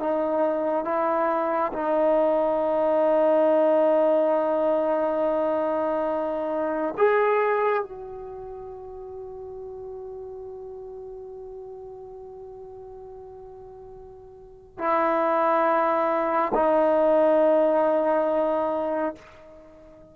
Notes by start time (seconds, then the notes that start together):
0.00 D#4
0.85 E4
1.73 D#4
6.98 G#4
7.83 F#4
14.78 E4
16.55 D#4